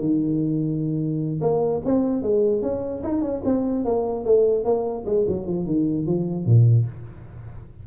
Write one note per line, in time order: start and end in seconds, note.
0.00 1.41 D#3
1.42 1.82 A#3
1.85 2.23 C4
2.23 2.63 G#3
2.63 3.03 C#4
3.04 3.22 D#4
3.22 3.42 C#4
3.45 3.85 C4
3.85 4.26 A#3
4.26 4.65 A3
4.65 5.05 A#3
5.06 5.26 G#3
5.28 5.47 F#3
5.47 5.67 F3
5.67 6.07 D#3
6.07 6.46 F3
6.46 6.87 A#2